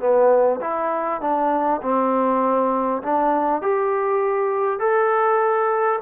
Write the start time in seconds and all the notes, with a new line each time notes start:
0.00 B3
0.61 E4
1.21 D4
1.82 C4
3.03 D4
3.62 G4
4.80 A4